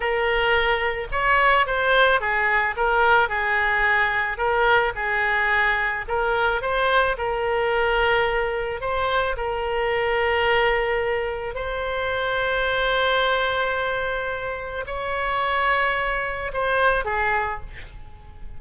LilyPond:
\new Staff \with { instrumentName = "oboe" } { \time 4/4 \tempo 4 = 109 ais'2 cis''4 c''4 | gis'4 ais'4 gis'2 | ais'4 gis'2 ais'4 | c''4 ais'2. |
c''4 ais'2.~ | ais'4 c''2.~ | c''2. cis''4~ | cis''2 c''4 gis'4 | }